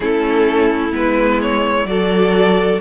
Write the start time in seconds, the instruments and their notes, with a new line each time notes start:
0.00 cello A3, viola C#4, violin E4 A4
0.91 cello G#3, viola B3, violin B4
1.41 violin C#5
1.85 cello F#3, viola F#4, violin A4 D5